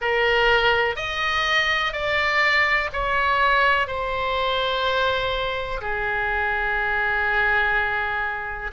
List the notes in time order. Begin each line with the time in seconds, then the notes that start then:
0.01 A#4
0.95 D#5
1.93 D5
2.93 C#5
3.87 C5
5.81 G#4